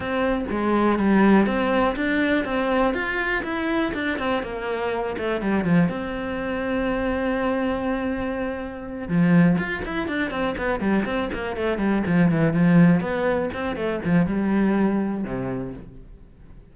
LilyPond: \new Staff \with { instrumentName = "cello" } { \time 4/4 \tempo 4 = 122 c'4 gis4 g4 c'4 | d'4 c'4 f'4 e'4 | d'8 c'8 ais4. a8 g8 f8 | c'1~ |
c'2~ c'8 f4 f'8 | e'8 d'8 c'8 b8 g8 c'8 ais8 a8 | g8 f8 e8 f4 b4 c'8 | a8 f8 g2 c4 | }